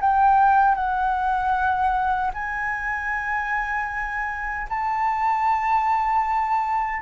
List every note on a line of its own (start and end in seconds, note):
0.00 0.75 G5
0.75 2.31 F#5
2.33 4.67 G#5
4.69 7.02 A5